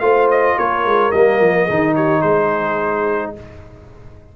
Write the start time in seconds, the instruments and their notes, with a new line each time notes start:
0.00 tuba A3, trombone F4, horn C5, trumpet F5
0.31 trumpet D#5
0.56 tuba A#3, horn A#4, trumpet C#5
0.85 tuba G#3
1.12 tuba G3, trombone A#3, trumpet D#5
1.40 tuba F3
1.65 tuba D#3, trombone D#4, horn G#4
1.95 horn G4, trumpet C#5
2.20 tuba G#3, horn G#4, trumpet C5